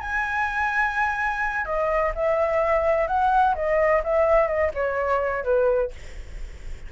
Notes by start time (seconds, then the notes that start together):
0.00 G#5
1.64 D#5
2.15 E5
3.07 F#5
3.55 D#5
4.03 E5
4.47 D#5
4.74 C#5
5.43 B4